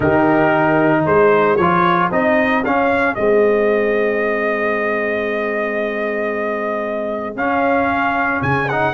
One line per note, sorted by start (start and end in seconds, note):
0.00 1.04 D#3
0.00 1.58 D#4
0.00 1.02 G4
0.00 1.05 A#4
1.02 1.58 G#3
1.02 8.91 G#4
1.02 1.56 C5
1.56 2.10 F3
1.56 2.11 F4
1.56 2.08 C#5
2.11 2.63 C4
2.11 2.64 D#4
2.11 2.64 D#5
2.63 3.16 C#4
2.63 3.15 F5
3.15 7.35 G#3
3.15 7.37 C4
3.15 7.36 D#5
7.35 8.41 C#4
7.35 8.69 C#4
7.35 8.42 F5
8.41 8.94 C#3
8.41 8.68 G#5
8.69 8.94 D#4
8.69 8.94 F#5